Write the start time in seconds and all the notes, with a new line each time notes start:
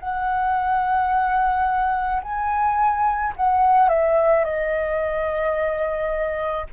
0.00 F#5
2.23 G#5
3.37 F#5
3.89 E5
4.45 D#5